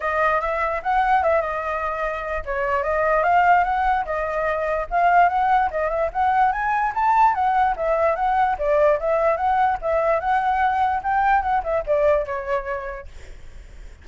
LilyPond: \new Staff \with { instrumentName = "flute" } { \time 4/4 \tempo 4 = 147 dis''4 e''4 fis''4 e''8 dis''8~ | dis''2 cis''4 dis''4 | f''4 fis''4 dis''2 | f''4 fis''4 dis''8 e''8 fis''4 |
gis''4 a''4 fis''4 e''4 | fis''4 d''4 e''4 fis''4 | e''4 fis''2 g''4 | fis''8 e''8 d''4 cis''2 | }